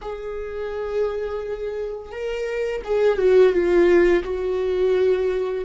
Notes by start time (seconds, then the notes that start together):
0.01 G#4
2.11 A#4
2.84 G#4
3.18 F#4
3.52 F4
4.23 F#4